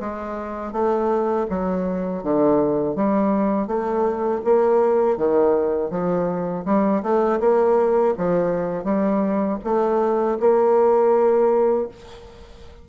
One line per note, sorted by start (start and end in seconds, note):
0.00 0.72 G#3
0.72 1.46 A3
1.49 2.24 F#3
2.24 2.96 D3
2.96 3.67 G3
3.67 4.41 A3
4.44 5.17 A#3
5.17 5.90 D#3
5.90 6.64 F3
6.65 7.02 G3
7.03 7.40 A3
7.40 8.14 A#3
8.18 8.84 F3
8.84 9.58 G3
9.64 10.38 A3
10.40 11.89 A#3